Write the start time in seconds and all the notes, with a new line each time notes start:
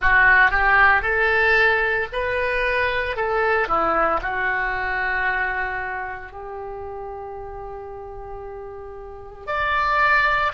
0.00 F#4
0.50 G4
1.02 A4
2.12 B4
3.16 A4
3.67 E4
4.22 F#4
6.32 G4
9.46 D5